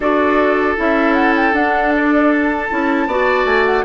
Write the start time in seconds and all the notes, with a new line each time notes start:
0.00 D4 F#4 A4 D5
0.76 C#4 E4 E5
1.14 F#5
1.35 G5
1.53 D4 F#5
1.95 D5
2.32 A5
2.70 C#4 E4
3.07 B3 F#4 D5
3.45 A3 G#5
3.65 F#5